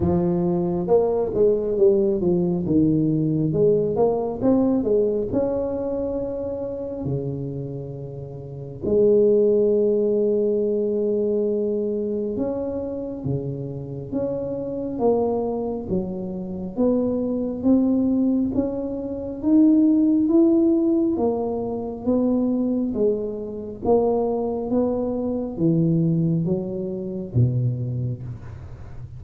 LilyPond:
\new Staff \with { instrumentName = "tuba" } { \time 4/4 \tempo 4 = 68 f4 ais8 gis8 g8 f8 dis4 | gis8 ais8 c'8 gis8 cis'2 | cis2 gis2~ | gis2 cis'4 cis4 |
cis'4 ais4 fis4 b4 | c'4 cis'4 dis'4 e'4 | ais4 b4 gis4 ais4 | b4 e4 fis4 b,4 | }